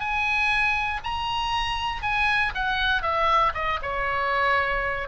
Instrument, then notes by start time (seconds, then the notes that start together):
oboe
0.00 G#5
1.04 A#5
2.03 G#5
2.55 F#5
3.03 E5
3.55 D#5
3.82 C#5